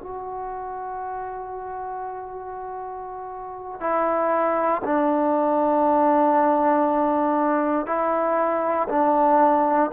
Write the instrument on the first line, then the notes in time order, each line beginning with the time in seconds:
trombone
0.00 F#4
3.80 E4
4.84 D4
7.86 E4
8.88 D4